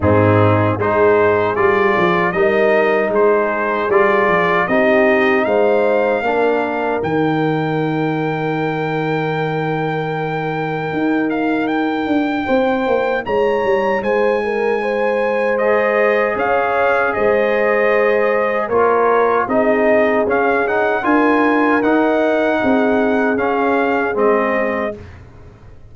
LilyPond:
<<
  \new Staff \with { instrumentName = "trumpet" } { \time 4/4 \tempo 4 = 77 gis'4 c''4 d''4 dis''4 | c''4 d''4 dis''4 f''4~ | f''4 g''2.~ | g''2~ g''8 f''8 g''4~ |
g''4 ais''4 gis''2 | dis''4 f''4 dis''2 | cis''4 dis''4 f''8 fis''8 gis''4 | fis''2 f''4 dis''4 | }
  \new Staff \with { instrumentName = "horn" } { \time 4/4 dis'4 gis'2 ais'4 | gis'2 g'4 c''4 | ais'1~ | ais'1 |
c''4 cis''4 c''8 ais'8 c''4~ | c''4 cis''4 c''2 | ais'4 gis'2 ais'4~ | ais'4 gis'2. | }
  \new Staff \with { instrumentName = "trombone" } { \time 4/4 c'4 dis'4 f'4 dis'4~ | dis'4 f'4 dis'2 | d'4 dis'2.~ | dis'1~ |
dis'1 | gis'1 | f'4 dis'4 cis'8 dis'8 f'4 | dis'2 cis'4 c'4 | }
  \new Staff \with { instrumentName = "tuba" } { \time 4/4 gis,4 gis4 g8 f8 g4 | gis4 g8 f8 c'4 gis4 | ais4 dis2.~ | dis2 dis'4. d'8 |
c'8 ais8 gis8 g8 gis2~ | gis4 cis'4 gis2 | ais4 c'4 cis'4 d'4 | dis'4 c'4 cis'4 gis4 | }
>>